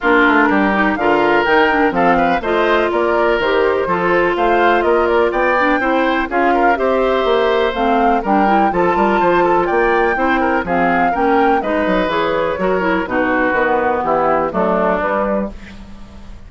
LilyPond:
<<
  \new Staff \with { instrumentName = "flute" } { \time 4/4 \tempo 4 = 124 ais'2 f''4 g''4 | f''4 dis''4 d''4 c''4~ | c''4 f''4 dis''8 d''8 g''4~ | g''4 f''4 e''2 |
f''4 g''4 a''2 | g''2 f''4 g''4 | dis''4 cis''2 b'4~ | b'4 g'4 a'4 b'4 | }
  \new Staff \with { instrumentName = "oboe" } { \time 4/4 f'4 g'4 ais'2 | a'8 b'8 c''4 ais'2 | a'4 c''4 ais'4 d''4 | c''4 gis'8 ais'8 c''2~ |
c''4 ais'4 a'8 ais'8 c''8 a'8 | d''4 c''8 ais'8 gis'4 ais'4 | b'2 ais'4 fis'4~ | fis'4 e'4 d'2 | }
  \new Staff \with { instrumentName = "clarinet" } { \time 4/4 d'4. dis'8 f'4 dis'8 d'8 | c'4 f'2 g'4 | f'2.~ f'8 d'8 | e'4 f'4 g'2 |
c'4 d'8 e'8 f'2~ | f'4 e'4 c'4 cis'4 | dis'4 gis'4 fis'8 e'8 dis'4 | b2 a4 g4 | }
  \new Staff \with { instrumentName = "bassoon" } { \time 4/4 ais8 a8 g4 d4 dis4 | f4 a4 ais4 dis4 | f4 a4 ais4 b4 | c'4 cis'4 c'4 ais4 |
a4 g4 f8 g8 f4 | ais4 c'4 f4 ais4 | gis8 fis8 e4 fis4 b,4 | dis4 e4 fis4 g4 | }
>>